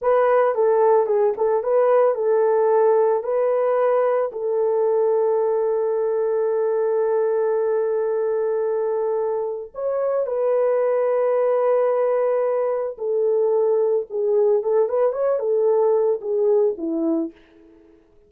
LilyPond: \new Staff \with { instrumentName = "horn" } { \time 4/4 \tempo 4 = 111 b'4 a'4 gis'8 a'8 b'4 | a'2 b'2 | a'1~ | a'1~ |
a'2 cis''4 b'4~ | b'1 | a'2 gis'4 a'8 b'8 | cis''8 a'4. gis'4 e'4 | }